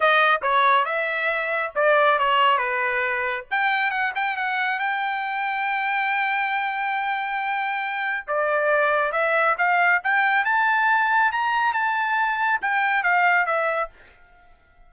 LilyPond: \new Staff \with { instrumentName = "trumpet" } { \time 4/4 \tempo 4 = 138 dis''4 cis''4 e''2 | d''4 cis''4 b'2 | g''4 fis''8 g''8 fis''4 g''4~ | g''1~ |
g''2. d''4~ | d''4 e''4 f''4 g''4 | a''2 ais''4 a''4~ | a''4 g''4 f''4 e''4 | }